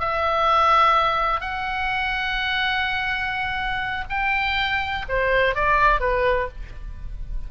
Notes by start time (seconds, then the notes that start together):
0.00 E5
1.41 F#5
4.10 G5
5.09 C5
5.55 D5
6.00 B4